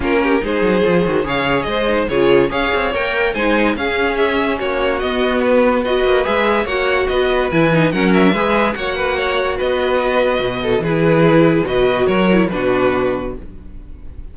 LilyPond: <<
  \new Staff \with { instrumentName = "violin" } { \time 4/4 \tempo 4 = 144 ais'4 c''2 f''4 | dis''4 cis''4 f''4 g''4 | gis''4 f''4 e''4 cis''4 | dis''4 b'4 dis''4 e''4 |
fis''4 dis''4 gis''4 fis''8 e''8~ | e''4 fis''2 dis''4~ | dis''2 b'2 | dis''4 cis''4 b'2 | }
  \new Staff \with { instrumentName = "violin" } { \time 4/4 f'8 g'8 gis'2 cis''4 | c''4 gis'4 cis''2 | c''4 gis'2 fis'4~ | fis'2 b'2 |
cis''4 b'2 ais'4 | b'4 cis''8 b'8 cis''4 b'4~ | b'4. a'8 gis'2 | b'4 ais'4 fis'2 | }
  \new Staff \with { instrumentName = "viola" } { \time 4/4 cis'4 dis'4 f'8 fis'8 gis'4~ | gis'8 dis'8 f'4 gis'4 ais'4 | dis'4 cis'2. | b2 fis'4 gis'4 |
fis'2 e'8 dis'8 cis'4 | gis'4 fis'2.~ | fis'2 e'2 | fis'4. e'8 d'2 | }
  \new Staff \with { instrumentName = "cello" } { \time 4/4 ais4 gis8 fis8 f8 dis8 cis4 | gis4 cis4 cis'8 c'8 ais4 | gis4 cis'2 ais4 | b2~ b8 ais8 gis4 |
ais4 b4 e4 fis4 | gis4 ais2 b4~ | b4 b,4 e2 | b,4 fis4 b,2 | }
>>